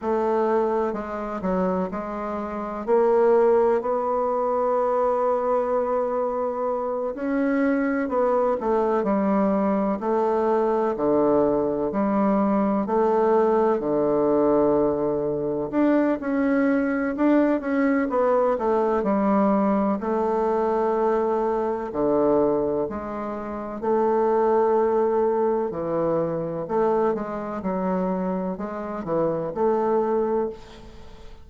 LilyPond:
\new Staff \with { instrumentName = "bassoon" } { \time 4/4 \tempo 4 = 63 a4 gis8 fis8 gis4 ais4 | b2.~ b8 cis'8~ | cis'8 b8 a8 g4 a4 d8~ | d8 g4 a4 d4.~ |
d8 d'8 cis'4 d'8 cis'8 b8 a8 | g4 a2 d4 | gis4 a2 e4 | a8 gis8 fis4 gis8 e8 a4 | }